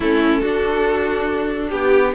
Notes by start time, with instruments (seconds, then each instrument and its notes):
0.00 cello A3, viola C#4, violin E4 A4
0.41 cello D4, viola D4, violin F#4
1.68 cello B3, violin G4